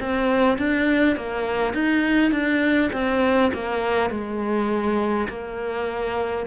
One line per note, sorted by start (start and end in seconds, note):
0.00 0.58 C4
0.58 1.17 D4
1.17 1.74 A#3
1.74 2.32 D#4
2.32 2.90 D4
2.93 3.52 C4
3.54 4.11 A#3
4.11 5.28 G#3
5.29 6.47 A#3